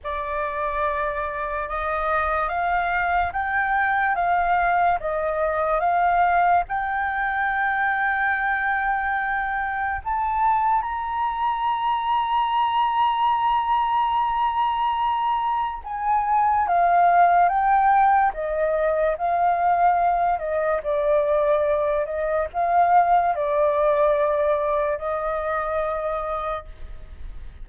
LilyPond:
\new Staff \with { instrumentName = "flute" } { \time 4/4 \tempo 4 = 72 d''2 dis''4 f''4 | g''4 f''4 dis''4 f''4 | g''1 | a''4 ais''2.~ |
ais''2. gis''4 | f''4 g''4 dis''4 f''4~ | f''8 dis''8 d''4. dis''8 f''4 | d''2 dis''2 | }